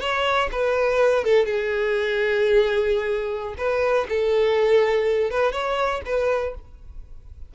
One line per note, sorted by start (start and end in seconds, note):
0.00 0.49 C#5
0.52 1.24 B4
1.24 1.46 A4
1.46 3.55 G#4
3.58 4.07 B4
4.09 5.30 A4
5.30 5.52 B4
5.52 6.01 C#5
6.05 6.54 B4